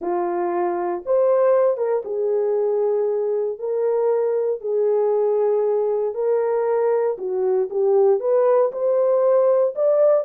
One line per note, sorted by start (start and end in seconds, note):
0.01 1.03 F4
1.05 1.77 C5
1.77 2.02 A#4
2.04 3.58 G#4
3.58 4.60 A#4
4.60 6.14 G#4
6.14 7.17 A#4
7.18 7.69 F#4
7.70 8.20 G4
8.20 8.71 B4
8.72 9.74 C5
9.75 10.24 D5